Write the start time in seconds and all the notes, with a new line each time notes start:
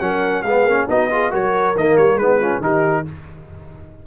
0.00 F#3 C#4 A#4 F#5
0.43 G#3 B3 G#4 F5
0.65 A#3 C#4
0.88 B3 D#4 F#4 D#5
1.10 F4 G#4
1.31 F#3 F#4 A#4 C#5
1.76 D#3 A#3 D#5
1.97 G3 C#5
2.15 G#3 B3 D#4 B4
2.40 C#4 F4
2.60 D#3 D#4 G4 A#4